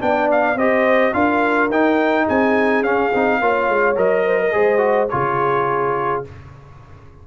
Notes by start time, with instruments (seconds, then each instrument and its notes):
0.00 tuba B3, trombone D4, horn D5, trumpet G5
0.31 trumpet F5
0.55 tuba C4, trombone G4, horn C5, trumpet D#5
1.13 tuba D4, trombone F4, horn A#4, trumpet F5
1.70 tuba D#4, trombone D#4, trumpet G5
2.26 tuba C4, horn G#4, trumpet G#5
2.82 tuba C#4, trombone C#4, trumpet F5
3.13 tuba C4, trombone D#4
3.41 tuba A#3, trombone F4, horn C#5
3.69 tuba G#3
3.96 tuba F#3, trombone A#4, trumpet D#5
4.26 horn C5
4.39 horn A#4
4.52 tuba G#3, trombone G#4, horn C5
4.78 trombone F#4
5.09 tuba C#3, trombone F4, horn G#4, trumpet C#5